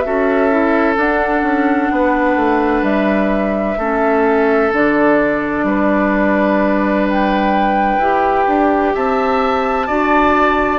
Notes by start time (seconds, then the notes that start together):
0.00 F#4 E5
0.06 C#4 A4
0.51 E4
0.95 D4 F#5
1.43 C#4
1.92 B3 B4
2.36 A3
2.83 G3 E5
3.78 A3 C#4 A4
4.73 D3 D4 D5
5.64 G3 B4
7.09 G5
7.98 E4 G4
8.48 D4
8.95 C4 E5 A5
9.87 D4 F#4 D5